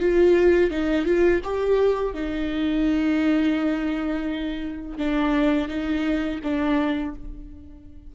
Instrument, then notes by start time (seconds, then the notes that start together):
viola
0.00 F4
0.70 D#4
1.06 F4
1.44 G4
2.14 D#4
4.98 D4
5.69 D#4
6.44 D4